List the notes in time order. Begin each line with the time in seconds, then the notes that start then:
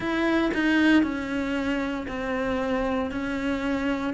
0.00 E4
0.54 D#4
1.03 C#4
2.07 C4
3.11 C#4